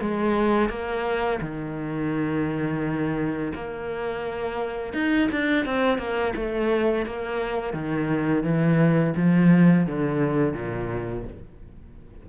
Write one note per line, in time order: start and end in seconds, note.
0.00 0.69 G#3
0.69 1.40 A#3
1.41 3.52 D#3
3.54 4.93 A#3
4.93 5.28 D#4
5.31 5.65 D4
5.65 5.98 C4
5.98 6.33 A#3
6.36 7.06 A3
7.06 7.73 A#3
7.73 8.43 D#3
8.43 9.13 E3
9.16 9.86 F3
9.86 10.53 D3
10.53 11.24 A#2